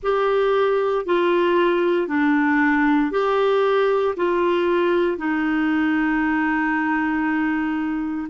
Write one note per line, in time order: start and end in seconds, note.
0.03 1.05 G4
1.05 2.07 F4
2.07 3.11 D4
3.11 4.14 G4
4.16 5.17 F4
5.17 8.28 D#4